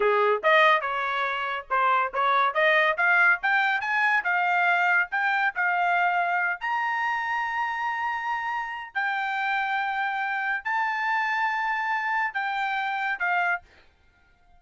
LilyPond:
\new Staff \with { instrumentName = "trumpet" } { \time 4/4 \tempo 4 = 141 gis'4 dis''4 cis''2 | c''4 cis''4 dis''4 f''4 | g''4 gis''4 f''2 | g''4 f''2~ f''8 ais''8~ |
ais''1~ | ais''4 g''2.~ | g''4 a''2.~ | a''4 g''2 f''4 | }